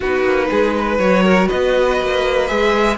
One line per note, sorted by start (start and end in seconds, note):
0.00 0.24 B3
0.00 0.99 D#4
0.00 0.46 F#4
0.00 0.98 B4
0.24 0.49 A#3
0.50 0.98 G#3
0.50 0.75 G#4
0.78 1.23 B4
0.98 1.48 F#3
0.98 2.48 F#4
0.98 1.48 C#5
1.23 1.47 A#4
1.47 2.01 B3
1.47 2.96 B4
1.47 2.47 D#5
2.01 2.50 A#3
2.47 2.98 G#3
2.47 2.97 G#4
2.47 2.96 E5